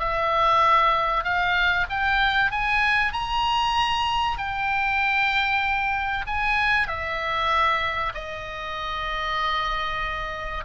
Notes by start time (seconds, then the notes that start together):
0.00 E5
1.24 F5
1.90 G5
2.51 G#5
3.13 A#5
4.38 G5
6.27 G#5
6.88 E5
8.15 D#5